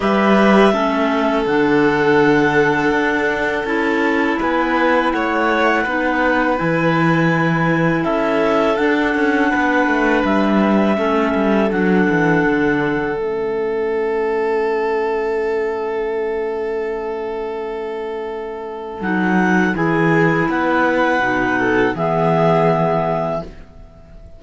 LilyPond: <<
  \new Staff \with { instrumentName = "clarinet" } { \time 4/4 \tempo 4 = 82 e''2 fis''2~ | fis''4 a''4 gis''4 fis''4~ | fis''4 gis''2 e''4 | fis''2 e''2 |
fis''2 e''2~ | e''1~ | e''2 fis''4 gis''4 | fis''2 e''2 | }
  \new Staff \with { instrumentName = "violin" } { \time 4/4 b'4 a'2.~ | a'2 b'4 cis''4 | b'2. a'4~ | a'4 b'2 a'4~ |
a'1~ | a'1~ | a'2. gis'4 | b'4. a'8 gis'2 | }
  \new Staff \with { instrumentName = "clarinet" } { \time 4/4 g'4 cis'4 d'2~ | d'4 e'2. | dis'4 e'2. | d'2. cis'4 |
d'2 cis'2~ | cis'1~ | cis'2 dis'4 e'4~ | e'4 dis'4 b2 | }
  \new Staff \with { instrumentName = "cello" } { \time 4/4 g4 a4 d2 | d'4 cis'4 b4 a4 | b4 e2 cis'4 | d'8 cis'8 b8 a8 g4 a8 g8 |
fis8 e8 d4 a2~ | a1~ | a2 fis4 e4 | b4 b,4 e2 | }
>>